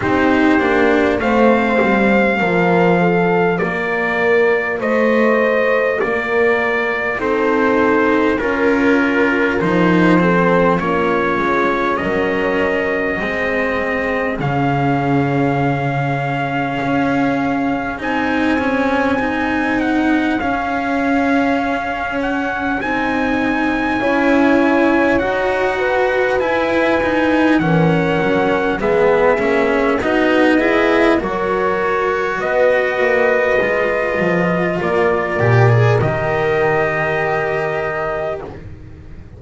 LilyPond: <<
  \new Staff \with { instrumentName = "trumpet" } { \time 4/4 \tempo 4 = 50 c''4 f''2 d''4 | dis''4 d''4 c''4 ais'4 | c''4 cis''4 dis''2 | f''2. gis''4~ |
gis''8 fis''8 f''4. fis''8 gis''4~ | gis''4 fis''4 gis''4 fis''4 | e''4 dis''4 cis''4 dis''4~ | dis''4 d''4 dis''2 | }
  \new Staff \with { instrumentName = "horn" } { \time 4/4 g'4 c''4 ais'8 a'8 ais'4 | c''4 ais'4 a'4 ais'4~ | ais'8 a'8 f'4 ais'4 gis'4~ | gis'1~ |
gis'1 | cis''4. b'4. ais'4 | gis'4 fis'8 gis'8 ais'4 b'4~ | b'4 ais'2. | }
  \new Staff \with { instrumentName = "cello" } { \time 4/4 dis'8 d'8 c'4 f'2~ | f'2 dis'4 f'4 | dis'8 c'8 cis'2 c'4 | cis'2. dis'8 cis'8 |
dis'4 cis'2 dis'4 | e'4 fis'4 e'8 dis'8 cis'4 | b8 cis'8 dis'8 e'8 fis'2 | f'4. g'16 gis'16 g'2 | }
  \new Staff \with { instrumentName = "double bass" } { \time 4/4 c'8 ais8 a8 g8 f4 ais4 | a4 ais4 c'4 cis'4 | f4 ais8 gis8 fis4 gis4 | cis2 cis'4 c'4~ |
c'4 cis'2 c'4 | cis'4 dis'4 e'4 e8 fis8 | gis8 ais8 b4 fis4 b8 ais8 | gis8 f8 ais8 ais,8 dis2 | }
>>